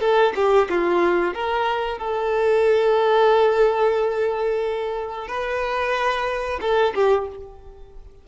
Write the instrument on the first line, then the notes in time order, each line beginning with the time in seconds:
violin
0.00 A4
0.35 G4
0.69 F4
1.34 A#4
1.98 A4
5.27 B4
6.61 A4
6.94 G4